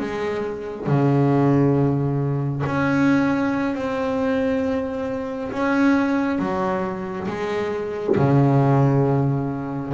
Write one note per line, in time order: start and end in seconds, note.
0.00 0.87 G#3
0.87 2.64 C#3
2.66 3.75 C#4
3.75 5.51 C4
5.52 6.39 C#4
6.39 7.28 F#3
7.28 8.16 G#3
8.17 9.93 C#3